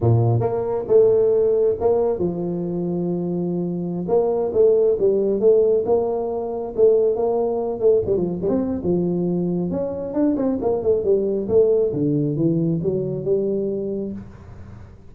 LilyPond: \new Staff \with { instrumentName = "tuba" } { \time 4/4 \tempo 4 = 136 ais,4 ais4 a2 | ais4 f2.~ | f4~ f16 ais4 a4 g8.~ | g16 a4 ais2 a8.~ |
a16 ais4. a8 g16 f8 g16 c'8. | f2 cis'4 d'8 c'8 | ais8 a8 g4 a4 d4 | e4 fis4 g2 | }